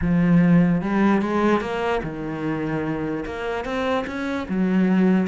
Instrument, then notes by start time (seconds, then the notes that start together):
cello
0.01 F3
0.81 G3
1.21 G#3
1.60 A#3
2.03 D#3
3.25 A#3
3.64 C4
4.07 C#4
4.48 F#3